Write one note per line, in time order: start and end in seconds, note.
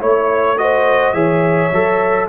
0.00 1.14 A3
0.00 0.57 E4
0.00 0.57 C#5
0.00 0.58 C#5
0.58 1.14 F#4
0.58 1.15 C5
0.58 1.13 D#5
1.13 1.71 E3
1.13 1.71 G#4
1.13 2.29 C#5
1.13 2.26 E5
1.72 2.29 F#3
1.72 2.29 A4